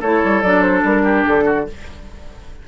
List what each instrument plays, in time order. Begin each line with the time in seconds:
0.00 bassoon A3, clarinet E4, oboe A4, flute C#5
0.24 bassoon G3
0.42 bassoon F#3, clarinet D4, flute D5
0.61 flute C5
0.83 bassoon G3, flute A#4
1.03 oboe G4
1.27 bassoon D3, flute A4
1.44 oboe F#4